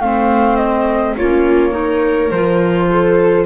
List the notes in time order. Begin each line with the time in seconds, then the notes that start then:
0.00 A3 C4 C5 F5
0.56 D#5
1.16 A#3 C#4 F4 C#5
1.70 D#4 A#4
2.30 F3 F4 C5
2.89 A4